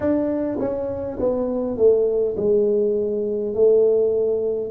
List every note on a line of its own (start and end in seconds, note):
0.00 0.58 D4
0.59 1.18 C#4
1.19 1.76 B3
1.76 2.35 A3
2.36 3.54 G#3
3.54 4.70 A3